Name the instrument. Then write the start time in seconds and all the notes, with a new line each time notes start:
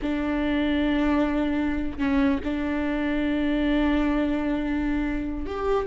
viola
0.02 D4
1.98 C#4
2.43 D4
5.46 G4